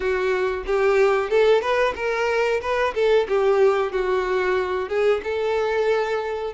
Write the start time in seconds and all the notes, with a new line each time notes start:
0.00 F#4
0.66 G4
1.30 A4
1.61 B4
1.95 A#4
2.61 B4
2.94 A4
3.28 G4
3.91 F#4
4.88 G#4
5.23 A4